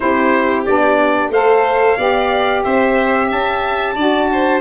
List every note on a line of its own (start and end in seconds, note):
0.00 0.67 C4
0.00 0.64 E4
0.00 1.32 G4
0.00 0.64 C5
0.65 1.29 B3
0.65 1.33 D4
0.65 1.31 D5
1.29 1.95 A3
1.29 1.98 A4
1.29 1.97 C5
1.29 2.63 F5
1.97 2.64 B3
1.97 3.96 G4
1.97 2.63 D5
2.63 3.30 C4
2.63 3.27 C5
2.63 3.29 E5
3.27 3.95 C#4
3.27 3.93 E5
3.27 4.60 A5
3.95 4.60 D4
3.95 4.60 F#4
3.95 4.28 D5
4.32 4.60 C5